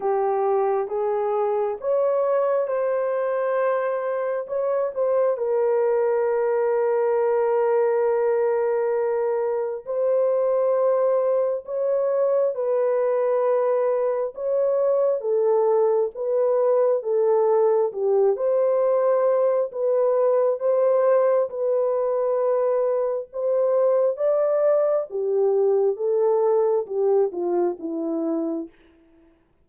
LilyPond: \new Staff \with { instrumentName = "horn" } { \time 4/4 \tempo 4 = 67 g'4 gis'4 cis''4 c''4~ | c''4 cis''8 c''8 ais'2~ | ais'2. c''4~ | c''4 cis''4 b'2 |
cis''4 a'4 b'4 a'4 | g'8 c''4. b'4 c''4 | b'2 c''4 d''4 | g'4 a'4 g'8 f'8 e'4 | }